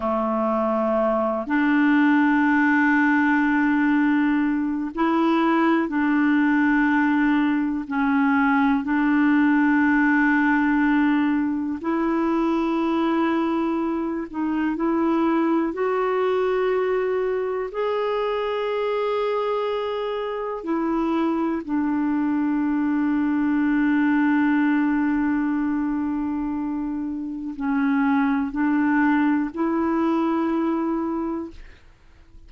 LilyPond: \new Staff \with { instrumentName = "clarinet" } { \time 4/4 \tempo 4 = 61 a4. d'2~ d'8~ | d'4 e'4 d'2 | cis'4 d'2. | e'2~ e'8 dis'8 e'4 |
fis'2 gis'2~ | gis'4 e'4 d'2~ | d'1 | cis'4 d'4 e'2 | }